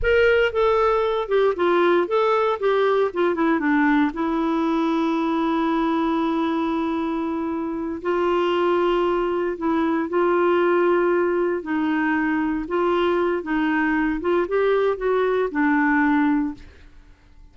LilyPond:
\new Staff \with { instrumentName = "clarinet" } { \time 4/4 \tempo 4 = 116 ais'4 a'4. g'8 f'4 | a'4 g'4 f'8 e'8 d'4 | e'1~ | e'2.~ e'8 f'8~ |
f'2~ f'8 e'4 f'8~ | f'2~ f'8 dis'4.~ | dis'8 f'4. dis'4. f'8 | g'4 fis'4 d'2 | }